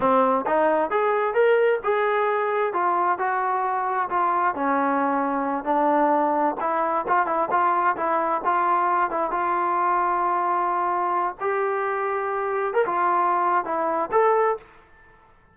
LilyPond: \new Staff \with { instrumentName = "trombone" } { \time 4/4 \tempo 4 = 132 c'4 dis'4 gis'4 ais'4 | gis'2 f'4 fis'4~ | fis'4 f'4 cis'2~ | cis'8 d'2 e'4 f'8 |
e'8 f'4 e'4 f'4. | e'8 f'2.~ f'8~ | f'4 g'2. | ais'16 f'4.~ f'16 e'4 a'4 | }